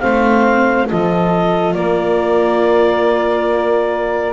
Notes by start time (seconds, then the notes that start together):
0.00 A3 C4 C5 F5
0.88 F3 F4 A4 D#5
1.74 A#3 A#4 D5